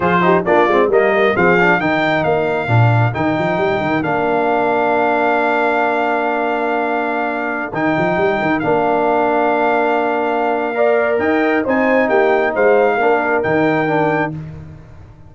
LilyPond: <<
  \new Staff \with { instrumentName = "trumpet" } { \time 4/4 \tempo 4 = 134 c''4 d''4 dis''4 f''4 | g''4 f''2 g''4~ | g''4 f''2.~ | f''1~ |
f''4~ f''16 g''2 f''8.~ | f''1~ | f''4 g''4 gis''4 g''4 | f''2 g''2 | }
  \new Staff \with { instrumentName = "horn" } { \time 4/4 gis'8 g'8 f'4 ais'4 gis'4 | ais'1~ | ais'1~ | ais'1~ |
ais'1~ | ais'1 | d''4 dis''4 c''4 g'4 | c''4 ais'2. | }
  \new Staff \with { instrumentName = "trombone" } { \time 4/4 f'8 dis'8 d'8 c'8 ais4 c'8 d'8 | dis'2 d'4 dis'4~ | dis'4 d'2.~ | d'1~ |
d'4~ d'16 dis'2 d'8.~ | d'1 | ais'2 dis'2~ | dis'4 d'4 dis'4 d'4 | }
  \new Staff \with { instrumentName = "tuba" } { \time 4/4 f4 ais8 gis8 g4 f4 | dis4 ais4 ais,4 dis8 f8 | g8 dis8 ais2.~ | ais1~ |
ais4~ ais16 dis8 f8 g8 dis8 ais8.~ | ais1~ | ais4 dis'4 c'4 ais4 | gis4 ais4 dis2 | }
>>